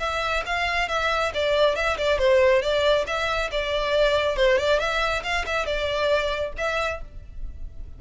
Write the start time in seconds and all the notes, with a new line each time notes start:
0.00 E5
0.46 F5
0.89 E5
1.34 D5
1.76 E5
1.98 D5
2.19 C5
2.62 D5
3.07 E5
3.51 D5
4.37 C5
4.58 D5
4.80 E5
5.24 F5
5.46 E5
5.66 D5
6.58 E5